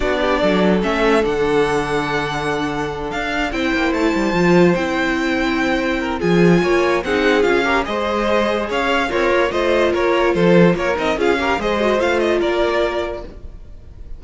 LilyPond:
<<
  \new Staff \with { instrumentName = "violin" } { \time 4/4 \tempo 4 = 145 d''2 e''4 fis''4~ | fis''2.~ fis''8 f''8~ | f''8 g''4 a''2 g''8~ | g''2. gis''4~ |
gis''4 fis''4 f''4 dis''4~ | dis''4 f''4 cis''4 dis''4 | cis''4 c''4 cis''8 dis''8 f''4 | dis''4 f''8 dis''8 d''2 | }
  \new Staff \with { instrumentName = "violin" } { \time 4/4 fis'8 g'8 a'2.~ | a'1~ | a'8 c''2.~ c''8~ | c''2~ c''8 ais'8 gis'4 |
cis''4 gis'4. ais'8 c''4~ | c''4 cis''4 f'4 c''4 | ais'4 a'4 ais'4 gis'8 ais'8 | c''2 ais'2 | }
  \new Staff \with { instrumentName = "viola" } { \time 4/4 d'2 cis'4 d'4~ | d'1~ | d'8 e'2 f'4 e'8~ | e'2. f'4~ |
f'4 dis'4 f'8 g'8 gis'4~ | gis'2 ais'4 f'4~ | f'2~ f'8 dis'8 f'8 g'8 | gis'8 fis'8 f'2. | }
  \new Staff \with { instrumentName = "cello" } { \time 4/4 b4 fis4 a4 d4~ | d2.~ d8 d'8~ | d'8 c'8 ais8 a8 g8 f4 c'8~ | c'2. f4 |
ais4 c'4 cis'4 gis4~ | gis4 cis'4 c'8 ais8 a4 | ais4 f4 ais8 c'8 cis'4 | gis4 a4 ais2 | }
>>